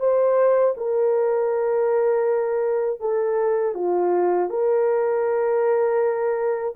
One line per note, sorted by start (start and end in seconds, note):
0.00 0.75 C5
0.77 3.01 A#4
3.01 3.75 A4
3.75 4.50 F4
4.50 6.75 A#4